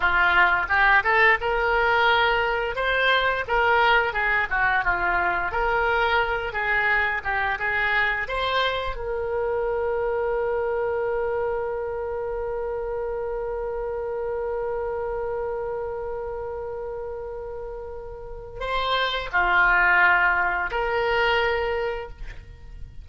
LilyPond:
\new Staff \with { instrumentName = "oboe" } { \time 4/4 \tempo 4 = 87 f'4 g'8 a'8 ais'2 | c''4 ais'4 gis'8 fis'8 f'4 | ais'4. gis'4 g'8 gis'4 | c''4 ais'2.~ |
ais'1~ | ais'1~ | ais'2. c''4 | f'2 ais'2 | }